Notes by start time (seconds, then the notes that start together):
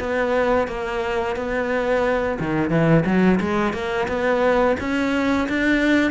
0.00 B3
0.68 A#3
1.36 B3
2.40 D#3
2.70 E3
3.06 F#3
3.41 G#3
3.73 A#3
4.08 B3
4.80 C#4
5.49 D4